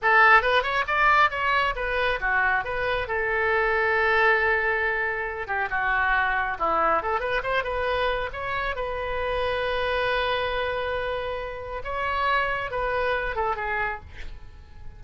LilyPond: \new Staff \with { instrumentName = "oboe" } { \time 4/4 \tempo 4 = 137 a'4 b'8 cis''8 d''4 cis''4 | b'4 fis'4 b'4 a'4~ | a'1~ | a'8 g'8 fis'2 e'4 |
a'8 b'8 c''8 b'4. cis''4 | b'1~ | b'2. cis''4~ | cis''4 b'4. a'8 gis'4 | }